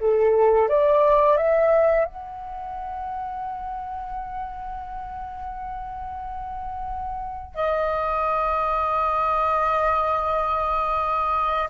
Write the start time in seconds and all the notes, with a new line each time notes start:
0.00 A4
0.69 D5
1.37 E5
2.05 F#5
7.55 D#5